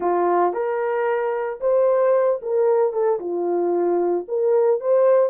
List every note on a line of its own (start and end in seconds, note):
0.00 0.53 F4
0.53 1.59 A#4
1.60 2.40 C5
2.42 2.92 A#4
2.92 3.19 A4
3.19 4.26 F4
4.28 4.80 A#4
4.80 5.30 C5